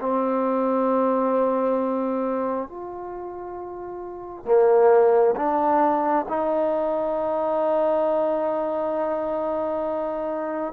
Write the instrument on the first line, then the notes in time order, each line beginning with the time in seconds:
trombone
0.00 C4
2.68 F4
4.45 A#3
5.36 D4
6.28 D#4